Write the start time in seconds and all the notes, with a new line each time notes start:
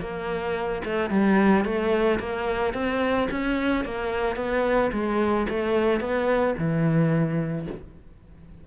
0.00 A#3
0.84 A3
1.10 G3
1.64 A3
2.19 A#3
2.73 C4
3.31 C#4
3.84 A#3
4.36 B3
4.92 G#3
5.49 A3
6.00 B3
6.58 E3